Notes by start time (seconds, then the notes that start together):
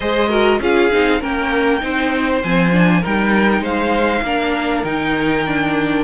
0.00 G#3 G#4 C5 D#5
0.29 F#4 A#4
0.59 C#4 F4 G#4 F5
0.91 C4 D#4
1.20 A#3 C#4 A#4 G5
1.80 C4 D#4 C5
2.42 F3 C4 G#5
2.71 D4
3.00 G3 D#4 A#4 G5
3.59 G#3 C5 F5
4.22 A#3 D4 A#4
4.83 D#3 D#4 G5
5.46 D4